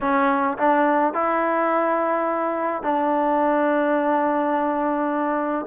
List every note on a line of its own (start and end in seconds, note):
0.01 0.57 C#4
0.58 1.13 D4
1.13 2.83 E4
2.83 5.66 D4